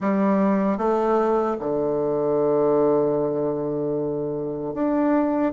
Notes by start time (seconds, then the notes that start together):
0.00 G3
0.77 A3
1.59 D3
4.74 D4